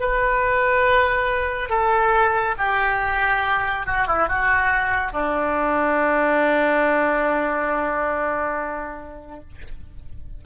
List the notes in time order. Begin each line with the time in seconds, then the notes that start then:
0.00 B4
1.69 A4
2.58 G4
3.86 F#4
4.07 E4
4.28 F#4
5.12 D4